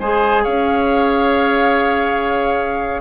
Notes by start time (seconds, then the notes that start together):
0.00 G#3 G#4 C5 G#5
0.43 C#4 C#5 F5